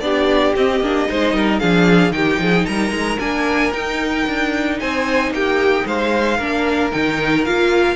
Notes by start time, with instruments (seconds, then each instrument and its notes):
0.00 cello B3, viola D4, violin G4 D5
0.55 cello C4, viola C4, violin D#5
0.80 cello A#3, viola D4
1.08 cello G#3, viola D#4, violin C5
1.33 cello G3, violin A#4
1.59 cello F3, viola D4, violin G#4 F5
2.11 cello D#3, viola D#4, violin G4 G5
2.38 cello F3, violin G#4
2.65 cello G3, violin A#4 A#5
2.91 cello G#3
3.19 cello A#3, viola D4, violin G#5
3.73 cello D#4, viola D#4, violin G5
4.26 cello D4
4.79 cello C4, violin C5 G#5
5.31 cello A#3, violin G4 G5
5.86 cello G#3, violin C5 F5
6.37 cello A#3, viola D4, violin A#4
6.92 cello D#3, viola D#4, violin G5
7.44 cello A#3, viola F4, violin F5